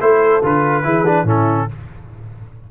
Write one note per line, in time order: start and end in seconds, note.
0.00 0.42 A3
0.00 0.42 E4
0.00 0.84 A4
0.00 0.43 C5
0.43 0.85 D3
0.43 0.84 F4
0.43 1.29 B4
0.84 1.24 E3
0.84 1.05 E4
0.84 1.25 G#4
1.06 1.26 D4
1.24 1.66 A2
1.24 1.68 C#4
1.24 1.67 E4
1.24 1.71 A4